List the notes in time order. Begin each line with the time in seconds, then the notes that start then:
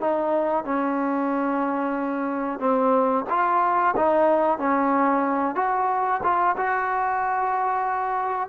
0.00 D#4
0.64 C#4
2.59 C4
3.29 F4
3.96 D#4
4.58 C#4
5.55 F#4
6.23 F4
6.57 F#4